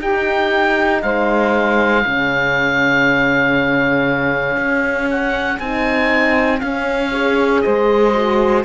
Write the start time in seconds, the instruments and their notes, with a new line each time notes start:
0.00 cello D#4, horn D#4, saxophone G4, oboe G5
1.02 cello G#3, saxophone C5, oboe F5
2.05 cello C#3, horn C#4, saxophone G#4
4.57 cello C#4
5.11 oboe F#5
5.59 cello C4, horn D#4, oboe G#5
6.60 horn C#4, cello C#4, oboe F5
7.11 horn G#4, saxophone C#5
7.61 cello G#3, saxophone C5, oboe D#5
8.14 horn F#4